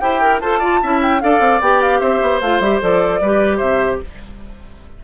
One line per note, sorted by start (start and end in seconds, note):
0.00 0.41 E4
0.00 0.41 G4
0.00 0.22 C5
0.00 0.40 G5
0.22 0.42 A#4
0.40 0.81 F4
0.40 0.63 A4
0.40 0.59 C5
0.40 1.00 A5
0.59 0.83 F4
0.59 0.79 D5
0.83 1.23 C#4
0.83 1.21 E4
0.83 1.23 E5
1.02 1.21 G5
1.21 1.40 D4
1.21 1.61 A4
1.21 2.00 D5
1.21 1.61 F5
1.40 1.60 C4
1.61 2.01 B3
1.61 2.43 G4
1.61 1.82 G5
1.82 2.00 F5
2.00 2.21 C4
2.00 3.20 C5
2.00 2.40 E5
2.22 2.41 B3
2.41 2.60 A3
2.41 2.63 F4
2.41 2.61 F5
2.60 2.80 G3
2.60 2.82 G4
2.60 2.81 E5
2.82 3.21 F3
2.82 3.22 A4
2.82 3.58 D5
3.21 3.61 G3
3.21 4.04 G4
3.21 3.57 B4
3.57 4.01 C3
3.57 3.97 C5
3.57 3.98 E5